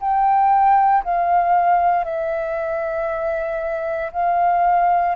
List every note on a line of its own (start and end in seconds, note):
0.00 1.03 G5
1.04 2.04 F5
2.04 4.11 E5
4.12 5.15 F5